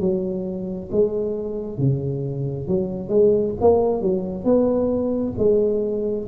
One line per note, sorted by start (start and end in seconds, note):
0.00 0.90 F#3
0.92 1.78 G#3
1.78 2.68 C#3
2.68 3.09 F#3
3.09 3.54 G#3
3.61 4.02 A#3
4.02 4.45 F#3
4.45 5.34 B3
5.38 6.28 G#3